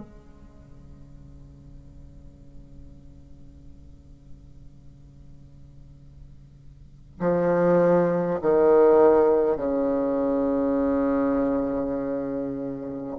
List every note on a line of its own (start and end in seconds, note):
0.00 7.20 C#3
7.20 8.40 F3
8.42 9.57 D#3
9.57 13.17 C#3